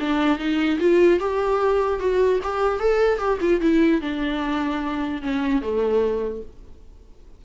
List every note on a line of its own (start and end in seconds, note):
0.00 0.38 D4
0.38 0.79 D#4
0.79 1.20 F4
1.20 2.00 G4
2.00 2.40 F#4
2.43 2.79 G4
2.79 3.18 A4
3.18 3.38 G4
3.41 3.61 F4
3.61 4.01 E4
4.01 5.22 D4
5.22 5.62 C#4
5.62 6.42 A3